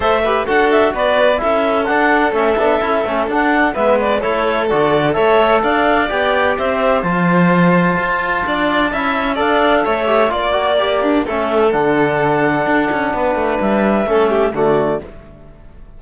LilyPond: <<
  \new Staff \with { instrumentName = "clarinet" } { \time 4/4 \tempo 4 = 128 e''4 fis''8 e''8 d''4 e''4 | fis''4 e''2 fis''4 | e''8 d''8 cis''4 d''4 e''4 | f''4 g''4 e''4 a''4~ |
a''1 | f''4 e''4 d''2 | e''4 fis''2.~ | fis''4 e''2 d''4 | }
  \new Staff \with { instrumentName = "violin" } { \time 4/4 c''8 b'8 a'4 b'4 a'4~ | a'1 | b'4 a'2 cis''4 | d''2 c''2~ |
c''2 d''4 e''4 | d''4 cis''4 d''4. d'8 | a'1 | b'2 a'8 g'8 fis'4 | }
  \new Staff \with { instrumentName = "trombone" } { \time 4/4 a'8 g'8 fis'2 e'4 | d'4 cis'8 d'8 e'8 cis'8 d'4 | b4 e'4 fis'4 a'4~ | a'4 g'2 f'4~ |
f'2. e'4 | a'4. g'8 f'8 fis'8 g'4 | cis'4 d'2.~ | d'2 cis'4 a4 | }
  \new Staff \with { instrumentName = "cello" } { \time 4/4 a4 d'4 b4 cis'4 | d'4 a8 b8 cis'8 a8 d'4 | gis4 a4 d4 a4 | d'4 b4 c'4 f4~ |
f4 f'4 d'4 cis'4 | d'4 a4 ais2 | a4 d2 d'8 cis'8 | b8 a8 g4 a4 d4 | }
>>